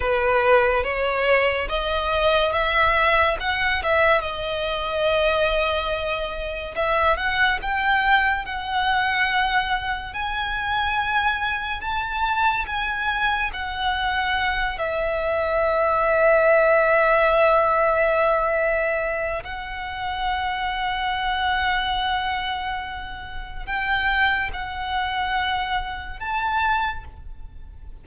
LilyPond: \new Staff \with { instrumentName = "violin" } { \time 4/4 \tempo 4 = 71 b'4 cis''4 dis''4 e''4 | fis''8 e''8 dis''2. | e''8 fis''8 g''4 fis''2 | gis''2 a''4 gis''4 |
fis''4. e''2~ e''8~ | e''2. fis''4~ | fis''1 | g''4 fis''2 a''4 | }